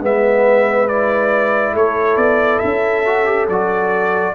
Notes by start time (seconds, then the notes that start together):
0.00 G#3 B3 B4 E5
0.88 E4 D5
1.73 A3 A4 C#5
2.16 B3 D5
2.59 C#4 E5
3.05 F#4
3.25 G4
3.48 F#3 F#4 D5